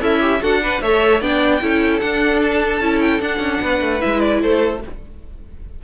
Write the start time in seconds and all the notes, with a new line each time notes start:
0.00 C#4 E4 A4 E5
0.20 G4
0.41 D4 F#4 A4 F#5
0.61 D4 B4
0.81 A3 A4 C#5 E5
1.21 B3 D4 D5 G5
1.60 C#4 E4 A4
2.00 D4 F#5
2.41 A5
2.80 C#4 E4
3.01 G5
3.20 D4 F#5
3.39 C#4
3.61 B3 B4
3.80 A3
4.00 G#3 E4 E5
4.20 D5
4.41 A3 A4 C5